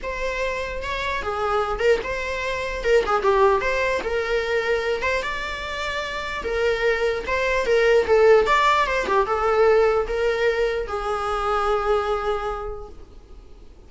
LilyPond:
\new Staff \with { instrumentName = "viola" } { \time 4/4 \tempo 4 = 149 c''2 cis''4 gis'4~ | gis'8 ais'8 c''2 ais'8 gis'8 | g'4 c''4 ais'2~ | ais'8 c''8 d''2. |
ais'2 c''4 ais'4 | a'4 d''4 c''8 g'8 a'4~ | a'4 ais'2 gis'4~ | gis'1 | }